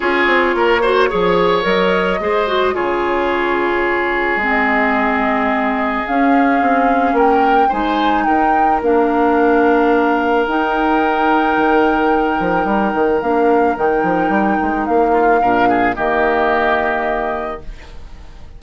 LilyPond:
<<
  \new Staff \with { instrumentName = "flute" } { \time 4/4 \tempo 4 = 109 cis''2. dis''4~ | dis''4 cis''2. | dis''2. f''4~ | f''4 g''4 gis''4 g''4 |
f''2. g''4~ | g''1 | f''4 g''2 f''4~ | f''4 dis''2. | }
  \new Staff \with { instrumentName = "oboe" } { \time 4/4 gis'4 ais'8 c''8 cis''2 | c''4 gis'2.~ | gis'1~ | gis'4 ais'4 c''4 ais'4~ |
ais'1~ | ais'1~ | ais'2.~ ais'8 f'8 | ais'8 gis'8 g'2. | }
  \new Staff \with { instrumentName = "clarinet" } { \time 4/4 f'4. fis'8 gis'4 ais'4 | gis'8 fis'8 f'2. | c'2. cis'4~ | cis'2 dis'2 |
d'2. dis'4~ | dis'1 | d'4 dis'2. | d'4 ais2. | }
  \new Staff \with { instrumentName = "bassoon" } { \time 4/4 cis'8 c'8 ais4 f4 fis4 | gis4 cis2. | gis2. cis'4 | c'4 ais4 gis4 dis'4 |
ais2. dis'4~ | dis'4 dis4. f8 g8 dis8 | ais4 dis8 f8 g8 gis8 ais4 | ais,4 dis2. | }
>>